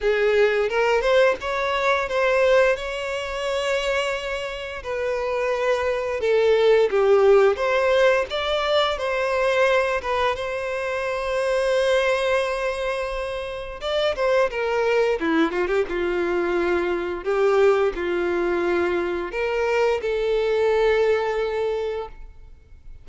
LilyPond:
\new Staff \with { instrumentName = "violin" } { \time 4/4 \tempo 4 = 87 gis'4 ais'8 c''8 cis''4 c''4 | cis''2. b'4~ | b'4 a'4 g'4 c''4 | d''4 c''4. b'8 c''4~ |
c''1 | d''8 c''8 ais'4 e'8 f'16 g'16 f'4~ | f'4 g'4 f'2 | ais'4 a'2. | }